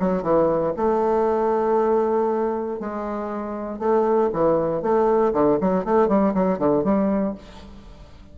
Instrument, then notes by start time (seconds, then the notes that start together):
bassoon
0.00 F#3
0.23 E3
0.77 A3
2.80 G#3
3.79 A3
4.33 E3
4.83 A3
5.33 D3
5.61 F#3
5.85 A3
6.09 G3
6.35 F#3
6.59 D3
6.84 G3